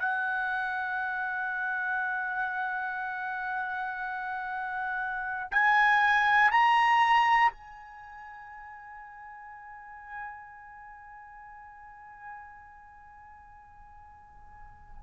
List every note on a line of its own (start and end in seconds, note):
0.00 5.50 F#5
5.51 6.51 G#5
6.51 7.51 A#5
7.51 15.01 G#5